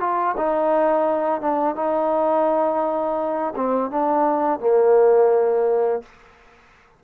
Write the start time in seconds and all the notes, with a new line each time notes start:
0.00 F4
0.38 D#4
1.42 D4
1.76 D#4
3.56 C4
3.91 D4
4.60 A#3